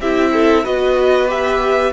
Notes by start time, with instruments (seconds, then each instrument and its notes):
0.00 cello C4, viola E4, violin G4 E5
0.33 violin A4
0.64 cello B3, viola F#4, violin B4 D#5
1.28 viola G4, violin E5